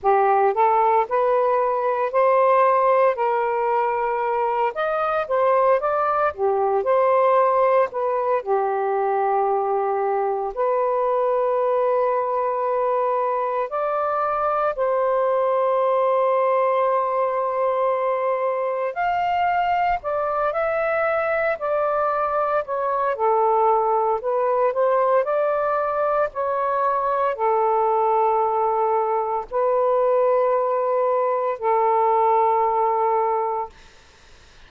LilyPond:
\new Staff \with { instrumentName = "saxophone" } { \time 4/4 \tempo 4 = 57 g'8 a'8 b'4 c''4 ais'4~ | ais'8 dis''8 c''8 d''8 g'8 c''4 b'8 | g'2 b'2~ | b'4 d''4 c''2~ |
c''2 f''4 d''8 e''8~ | e''8 d''4 cis''8 a'4 b'8 c''8 | d''4 cis''4 a'2 | b'2 a'2 | }